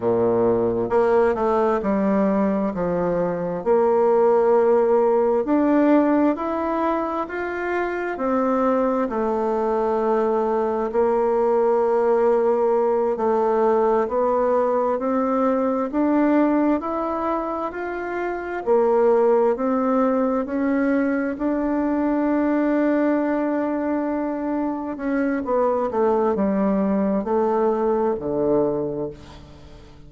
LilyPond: \new Staff \with { instrumentName = "bassoon" } { \time 4/4 \tempo 4 = 66 ais,4 ais8 a8 g4 f4 | ais2 d'4 e'4 | f'4 c'4 a2 | ais2~ ais8 a4 b8~ |
b8 c'4 d'4 e'4 f'8~ | f'8 ais4 c'4 cis'4 d'8~ | d'2.~ d'8 cis'8 | b8 a8 g4 a4 d4 | }